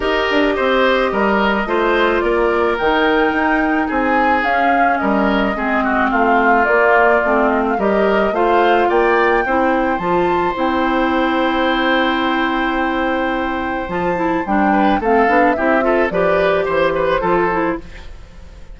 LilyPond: <<
  \new Staff \with { instrumentName = "flute" } { \time 4/4 \tempo 4 = 108 dis''1 | d''4 g''2 gis''4 | f''4 dis''2 f''4 | d''4. dis''16 f''16 dis''4 f''4 |
g''2 a''4 g''4~ | g''1~ | g''4 a''4 g''4 f''4 | e''4 d''4 c''2 | }
  \new Staff \with { instrumentName = "oboe" } { \time 4/4 ais'4 c''4 ais'4 c''4 | ais'2. gis'4~ | gis'4 ais'4 gis'8 fis'8 f'4~ | f'2 ais'4 c''4 |
d''4 c''2.~ | c''1~ | c''2~ c''8 b'8 a'4 | g'8 a'8 b'4 c''8 b'8 a'4 | }
  \new Staff \with { instrumentName = "clarinet" } { \time 4/4 g'2. f'4~ | f'4 dis'2. | cis'2 c'2 | ais4 c'4 g'4 f'4~ |
f'4 e'4 f'4 e'4~ | e'1~ | e'4 f'8 e'8 d'4 c'8 d'8 | e'8 f'8 g'2 f'8 e'8 | }
  \new Staff \with { instrumentName = "bassoon" } { \time 4/4 dis'8 d'8 c'4 g4 a4 | ais4 dis4 dis'4 c'4 | cis'4 g4 gis4 a4 | ais4 a4 g4 a4 |
ais4 c'4 f4 c'4~ | c'1~ | c'4 f4 g4 a8 b8 | c'4 f4 e4 f4 | }
>>